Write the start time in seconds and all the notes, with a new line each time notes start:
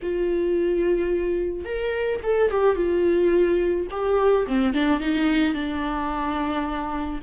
0.02 F4
1.65 A#4
2.23 A4
2.51 G4
2.76 F4
3.90 G4
4.46 C4
4.73 D4
4.99 D#4
5.54 D4